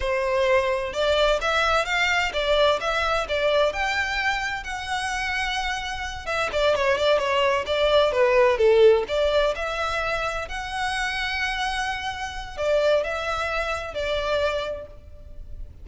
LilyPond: \new Staff \with { instrumentName = "violin" } { \time 4/4 \tempo 4 = 129 c''2 d''4 e''4 | f''4 d''4 e''4 d''4 | g''2 fis''2~ | fis''4. e''8 d''8 cis''8 d''8 cis''8~ |
cis''8 d''4 b'4 a'4 d''8~ | d''8 e''2 fis''4.~ | fis''2. d''4 | e''2 d''2 | }